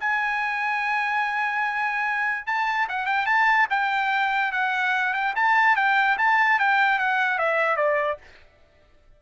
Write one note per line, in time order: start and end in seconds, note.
0.00 2.47 G#5
2.47 2.88 A5
2.89 3.06 F#5
3.06 3.26 G5
3.26 3.67 A5
3.70 4.52 G5
4.52 5.14 F#5
5.14 5.34 G5
5.36 5.76 A5
5.76 6.17 G5
6.18 6.59 A5
6.59 6.99 G5
6.99 7.38 F#5
7.38 7.76 E5
7.76 8.17 D5